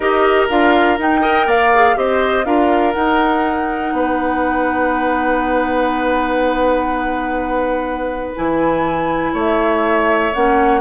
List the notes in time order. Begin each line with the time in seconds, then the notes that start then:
0.00 D#4 G4 A#4 D#5
0.49 D4 F4 F5
0.98 D#4 G5
1.21 A#4 D#5
1.46 A#3 D5 F5
1.74 G#4
1.95 C4 G4 C5 D#5
2.44 D4 F4 A#4 F5
2.92 D#4 F#5
3.92 B3 B4
8.35 E3 E4 G#5
9.33 A3 C#5 E5
10.34 A#3 C#4 F#5